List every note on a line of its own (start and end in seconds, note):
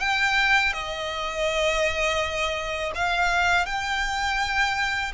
0.00 0.73 G5
0.73 2.93 D#5
2.95 3.66 F5
3.66 5.13 G5